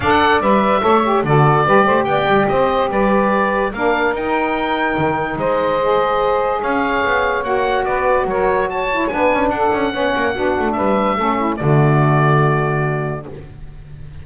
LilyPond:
<<
  \new Staff \with { instrumentName = "oboe" } { \time 4/4 \tempo 4 = 145 fis''4 e''2 d''4~ | d''4 g''4 dis''4 d''4~ | d''4 f''4 g''2~ | g''4 dis''2. |
f''2 fis''4 d''4 | cis''4 a''4 gis''4 fis''4~ | fis''2 e''2 | d''1 | }
  \new Staff \with { instrumentName = "saxophone" } { \time 4/4 d''2 cis''4 a'4 | b'8 c''8 d''4 c''4 b'4~ | b'4 ais'2.~ | ais'4 c''2. |
cis''2. b'4 | ais'4 cis''4 b'4 a'4 | cis''4 fis'4 b'4 a'8 e'8 | fis'1 | }
  \new Staff \with { instrumentName = "saxophone" } { \time 4/4 a'4 b'4 a'8 g'8 fis'4 | g'1~ | g'4 d'4 dis'2~ | dis'2 gis'2~ |
gis'2 fis'2~ | fis'4. e'8 d'2 | cis'4 d'2 cis'4 | a1 | }
  \new Staff \with { instrumentName = "double bass" } { \time 4/4 d'4 g4 a4 d4 | g8 a8 b8 g8 c'4 g4~ | g4 ais4 dis'2 | dis4 gis2. |
cis'4 b4 ais4 b4 | fis2 b8 cis'8 d'8 cis'8 | b8 ais8 b8 a8 g4 a4 | d1 | }
>>